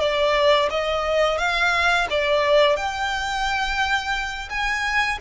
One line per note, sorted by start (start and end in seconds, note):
0.00 0.69 D5
0.70 1.38 D#5
1.38 2.07 F5
2.10 2.76 D5
2.76 4.49 G5
4.50 5.18 G#5